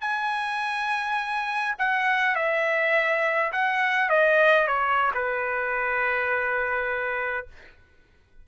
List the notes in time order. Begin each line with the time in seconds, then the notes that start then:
0.00 G#5
1.78 F#5
2.35 E5
3.52 F#5
4.09 D#5
4.67 C#5
5.14 B4